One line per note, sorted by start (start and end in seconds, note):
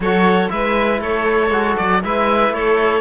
0.00 0.48 F#3
0.00 0.48 F#4
0.00 0.51 A4
0.00 0.50 C#5
0.48 1.00 G#3
0.48 1.49 E4
0.48 1.00 B4
0.48 1.00 E5
1.00 1.50 A3
1.00 2.01 A4
1.00 1.77 C#5
1.50 1.75 G#3
1.50 2.02 F#4
1.77 2.04 F#3
1.77 2.02 D5
2.03 2.49 G#3
2.03 3.01 E4
2.03 2.54 B4
2.03 2.53 E5
2.49 2.99 A3
2.49 3.01 A4
2.49 3.01 C#5